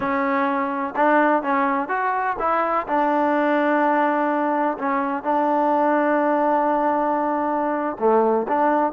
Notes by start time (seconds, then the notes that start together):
0.00 C#4
0.95 D4
1.43 C#4
1.88 F#4
2.39 E4
2.87 D4
4.78 C#4
5.23 D4
7.99 A3
8.47 D4